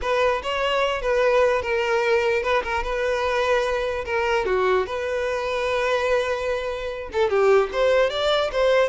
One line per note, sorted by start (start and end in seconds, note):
0.01 0.42 B4
0.42 1.01 C#5
1.01 1.62 B4
1.62 2.42 A#4
2.42 2.62 B4
2.63 2.83 A#4
2.83 4.04 B4
4.05 4.45 A#4
4.45 4.86 F#4
4.86 7.09 B4
7.12 7.29 A4
7.29 7.70 G4
7.72 8.10 C5
8.10 8.50 D5
8.51 8.89 C5